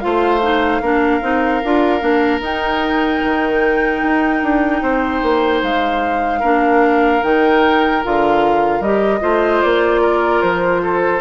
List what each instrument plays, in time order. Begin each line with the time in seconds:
0.00 bassoon A3, clarinet F4, oboe C5, flute F5
0.41 clarinet D#4
0.81 bassoon A#3, clarinet D4, oboe A#4
1.22 bassoon C4, clarinet D#4
1.64 bassoon D4, clarinet F4
2.00 bassoon A#3, clarinet D4
2.41 bassoon D#4, clarinet D#4, flute G5
3.24 bassoon D#3
4.03 bassoon D#4
4.43 bassoon D4
4.82 bassoon C4, oboe C5
5.22 bassoon A#3
5.62 bassoon G#3, flute F5
6.40 bassoon A#3, clarinet D4, oboe A#4
7.23 bassoon D#3, clarinet D#4, flute G5
8.04 bassoon D3, clarinet F4, flute F5
8.80 bassoon G3, clarinet G4, flute D#5
9.20 bassoon A3, clarinet F4, oboe C5
9.62 bassoon A#3, flute D5
10.01 oboe A#4
10.42 bassoon F3, flute C5
10.83 oboe A4